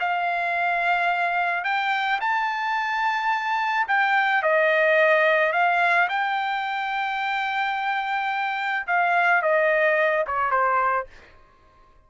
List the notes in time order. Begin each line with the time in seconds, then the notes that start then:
0.00 F5
1.64 G5
2.20 A5
3.88 G5
4.43 D#5
5.53 F5
6.09 G5
8.87 F5
9.42 D#5
10.27 C#5
10.51 C5